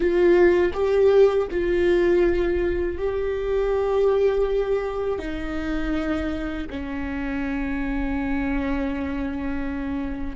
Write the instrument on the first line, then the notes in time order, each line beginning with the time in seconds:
viola
0.00 F4
0.73 G4
1.50 F4
2.98 G4
5.19 D#4
6.70 C#4